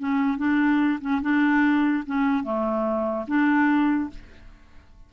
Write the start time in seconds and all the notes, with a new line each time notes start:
0.00 C#4
0.38 D4
1.02 C#4
1.22 D4
2.07 C#4
2.44 A3
3.28 D4